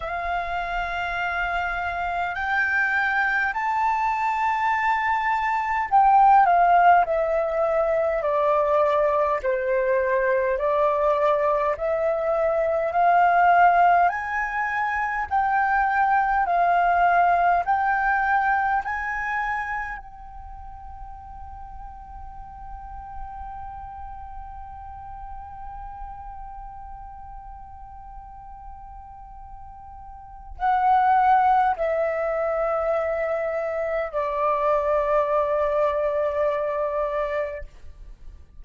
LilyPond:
\new Staff \with { instrumentName = "flute" } { \time 4/4 \tempo 4 = 51 f''2 g''4 a''4~ | a''4 g''8 f''8 e''4 d''4 | c''4 d''4 e''4 f''4 | gis''4 g''4 f''4 g''4 |
gis''4 g''2.~ | g''1~ | g''2 fis''4 e''4~ | e''4 d''2. | }